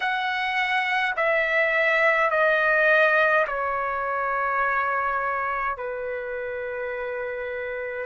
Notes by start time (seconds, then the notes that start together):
0.00 F#5
1.16 E5
2.30 D#5
3.47 C#5
5.77 B4